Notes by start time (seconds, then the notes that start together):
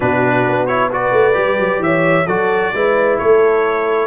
0.00 B2 D4 F#4 B4
0.48 B3
0.66 E4 C#5
0.91 F#4 B4 D5
1.12 A3
1.33 G3 G4
1.58 F#3
1.79 E3 C#5 E5
2.26 F#3 F#4 A4 D5
2.73 G#3 E4 B4
3.18 A3 A4 C#5